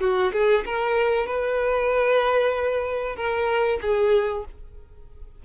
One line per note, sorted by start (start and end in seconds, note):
0.00 0.32 F#4
0.33 0.64 G#4
0.65 1.26 A#4
1.26 3.16 B4
3.16 3.79 A#4
3.82 4.45 G#4